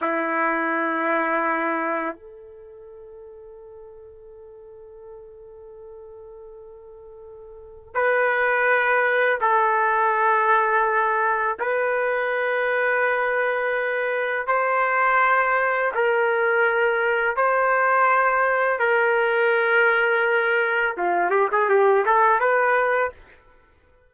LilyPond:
\new Staff \with { instrumentName = "trumpet" } { \time 4/4 \tempo 4 = 83 e'2. a'4~ | a'1~ | a'2. b'4~ | b'4 a'2. |
b'1 | c''2 ais'2 | c''2 ais'2~ | ais'4 f'8 g'16 gis'16 g'8 a'8 b'4 | }